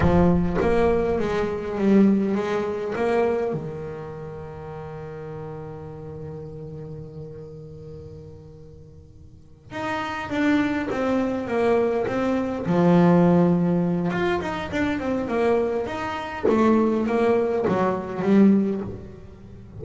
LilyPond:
\new Staff \with { instrumentName = "double bass" } { \time 4/4 \tempo 4 = 102 f4 ais4 gis4 g4 | gis4 ais4 dis2~ | dis1~ | dis1~ |
dis8 dis'4 d'4 c'4 ais8~ | ais8 c'4 f2~ f8 | f'8 dis'8 d'8 c'8 ais4 dis'4 | a4 ais4 fis4 g4 | }